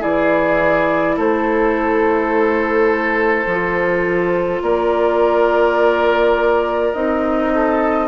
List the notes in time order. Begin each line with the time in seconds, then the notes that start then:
0.00 E3 E4 G#4 D5
1.17 A3 A4 C5
3.46 F3 F4
4.62 A#3 A#4 D5
6.93 C4 D#4 D#5
7.55 A4